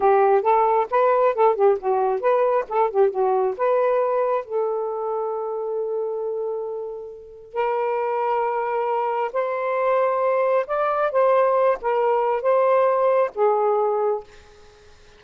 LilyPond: \new Staff \with { instrumentName = "saxophone" } { \time 4/4 \tempo 4 = 135 g'4 a'4 b'4 a'8 g'8 | fis'4 b'4 a'8 g'8 fis'4 | b'2 a'2~ | a'1~ |
a'4 ais'2.~ | ais'4 c''2. | d''4 c''4. ais'4. | c''2 gis'2 | }